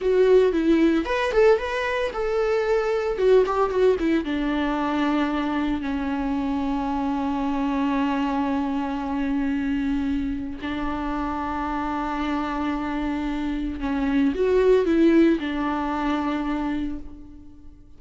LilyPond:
\new Staff \with { instrumentName = "viola" } { \time 4/4 \tempo 4 = 113 fis'4 e'4 b'8 a'8 b'4 | a'2 fis'8 g'8 fis'8 e'8 | d'2. cis'4~ | cis'1~ |
cis'1 | d'1~ | d'2 cis'4 fis'4 | e'4 d'2. | }